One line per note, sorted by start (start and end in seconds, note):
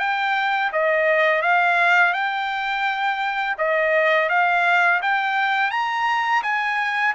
0.00 0.71 G5
0.73 1.42 D#5
1.42 2.13 F5
2.13 3.56 G5
3.58 4.30 D#5
4.30 5.01 F5
5.02 5.71 G5
5.71 6.43 A#5
6.43 7.15 G#5